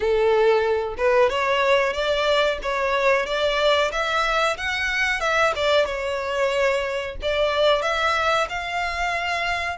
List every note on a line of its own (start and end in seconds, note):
0.00 0.95 A4
0.97 1.29 B4
1.29 1.93 C#5
1.93 2.58 D5
2.62 3.26 C#5
3.26 3.91 D5
3.91 4.57 E5
4.57 5.20 F#5
5.20 5.53 E5
5.55 5.85 D5
5.85 7.16 C#5
7.22 7.82 D5
7.82 8.47 E5
8.49 9.77 F5